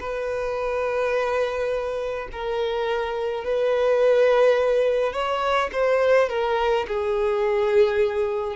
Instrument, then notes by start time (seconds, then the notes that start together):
violin
0.00 B4
2.32 A#4
3.45 B4
5.13 C#5
5.72 C5
6.29 A#4
6.88 G#4